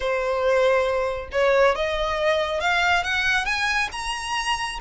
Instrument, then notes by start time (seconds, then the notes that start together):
violin
0.00 C5
1.32 C#5
1.75 D#5
2.60 F5
3.03 F#5
3.45 G#5
3.92 A#5